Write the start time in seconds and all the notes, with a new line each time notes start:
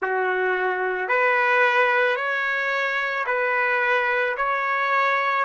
0.01 F#4
1.08 B4
2.15 C#5
3.26 B4
4.36 C#5